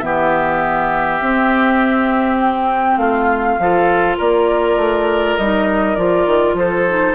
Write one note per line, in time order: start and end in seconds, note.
0.00 1.21 E3
0.00 1.21 B3
0.00 3.00 G4
0.00 2.38 E5
1.21 2.97 C4
1.21 3.59 C4
2.40 2.97 G5
2.97 3.56 A3
2.97 3.59 F4
2.97 4.16 F5
3.59 4.18 F3
3.59 5.39 F4
3.59 4.17 A4
4.17 4.76 A#3
4.17 6.55 A#4
4.17 5.37 D5
4.76 5.36 A3
5.37 5.97 G3
5.37 5.97 D#4
5.37 5.96 D#5
5.96 6.26 F3
5.96 6.86 F4
5.96 6.55 D5
6.26 6.54 D#3
6.54 7.13 F3
6.54 7.15 A4
6.54 7.15 C5
6.89 7.15 D#4